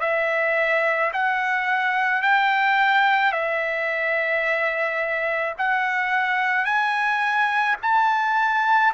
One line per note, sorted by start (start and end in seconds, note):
0.00 1.11 E5
1.13 2.22 F#5
2.22 3.32 G5
3.32 5.55 E5
5.58 6.65 F#5
6.65 7.76 G#5
7.82 8.93 A5